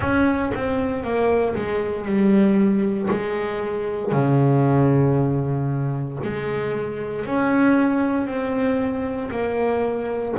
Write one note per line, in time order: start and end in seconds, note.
0.00 0.52 C#4
0.54 1.03 C4
1.03 1.55 A#3
1.55 2.05 G#3
2.05 3.08 G3
3.10 4.11 G#3
4.11 6.18 C#3
6.24 7.25 G#3
7.25 8.27 C#4
8.27 9.30 C4
9.31 10.34 A#3